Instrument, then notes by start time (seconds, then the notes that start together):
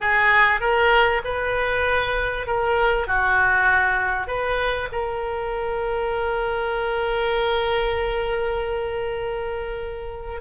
oboe
0.00 G#4
0.60 A#4
1.24 B4
2.47 A#4
3.07 F#4
4.27 B4
4.92 A#4